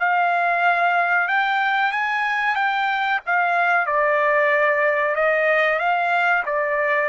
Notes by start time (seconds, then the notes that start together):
0.00 F5
1.28 G5
1.92 G#5
2.56 G5
3.27 F5
3.87 D5
5.16 D#5
5.79 F5
6.46 D5